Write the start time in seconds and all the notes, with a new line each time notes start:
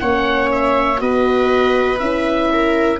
0.00 A#3 C#4 C#5 F#5
0.52 E5
0.98 B3 F#4 B4 D#5
2.00 C#4 E4 E5
2.53 A#4